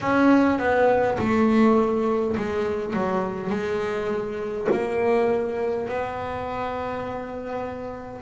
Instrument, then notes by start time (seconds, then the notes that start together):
double bass
0.00 C#4
0.58 B3
1.18 A3
2.36 G#3
2.93 F#3
3.50 G#3
4.71 A#3
5.88 B3